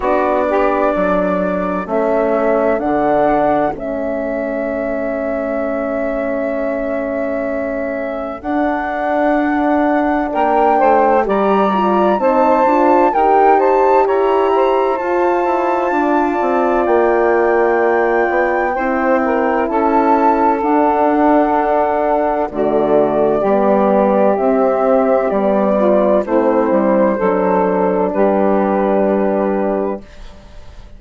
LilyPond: <<
  \new Staff \with { instrumentName = "flute" } { \time 4/4 \tempo 4 = 64 d''2 e''4 fis''4 | e''1~ | e''4 fis''2 g''4 | ais''4 a''4 g''8 a''8 ais''4 |
a''2 g''2~ | g''4 a''4 fis''2 | d''2 e''4 d''4 | c''2 b'2 | }
  \new Staff \with { instrumentName = "saxophone" } { \time 4/4 fis'8 g'8 a'2.~ | a'1~ | a'2. ais'8 c''8 | d''4 c''4 ais'8 c''8 cis''8 c''8~ |
c''4 d''2. | c''8 ais'8 a'2. | fis'4 g'2~ g'8 f'8 | e'4 a'4 g'2 | }
  \new Staff \with { instrumentName = "horn" } { \time 4/4 d'2 cis'4 d'4 | cis'1~ | cis'4 d'2. | g'8 f'8 dis'8 f'8 g'2 |
f'1 | e'2 d'2 | a4 b4 c'4 b4 | c'4 d'2. | }
  \new Staff \with { instrumentName = "bassoon" } { \time 4/4 b4 fis4 a4 d4 | a1~ | a4 d'2 ais8 a8 | g4 c'8 d'8 dis'4 e'4 |
f'8 e'8 d'8 c'8 ais4. b8 | c'4 cis'4 d'2 | d4 g4 c'4 g4 | a8 g8 fis4 g2 | }
>>